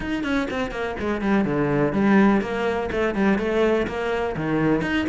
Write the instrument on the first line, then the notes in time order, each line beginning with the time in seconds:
cello
0.00 D#4
0.23 C#4
0.50 C4
0.71 A#3
0.99 G#3
1.21 G3
1.45 D3
1.92 G3
2.41 A#3
2.91 A3
3.14 G3
3.38 A3
3.87 A#3
4.36 D#3
4.81 D#4